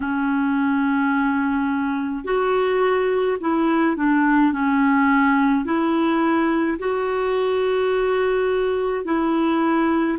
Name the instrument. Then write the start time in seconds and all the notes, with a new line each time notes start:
clarinet
0.00 C#4
2.24 F#4
3.40 E4
3.96 D4
4.52 C#4
5.64 E4
6.78 F#4
9.05 E4